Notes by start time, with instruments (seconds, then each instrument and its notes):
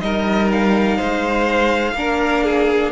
0.00 cello G3, viola D#4, violin A#4 D#5
0.52 violin F5
0.97 cello G#3, violin C5
1.94 cello A#3, viola D4, violin A#4
2.44 violin G#4